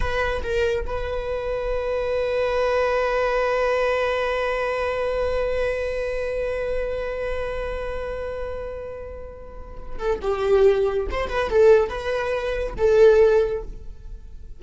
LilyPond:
\new Staff \with { instrumentName = "viola" } { \time 4/4 \tempo 4 = 141 b'4 ais'4 b'2~ | b'1~ | b'1~ | b'1~ |
b'1~ | b'2.~ b'8 a'8 | g'2 c''8 b'8 a'4 | b'2 a'2 | }